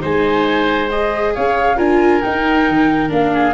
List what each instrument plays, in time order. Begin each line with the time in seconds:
0.00 tuba G#3, viola D#4, oboe C5, flute G#5
0.89 viola G#4, flute D#5
1.34 tuba C#4, oboe C#5, flute F5
1.77 tuba D4, viola F4, oboe A#4, flute G#5
2.22 viola D#4, tuba D#4, flute G5
2.68 tuba D#3
3.09 tuba A#3, viola D4, flute F5
3.34 oboe G#4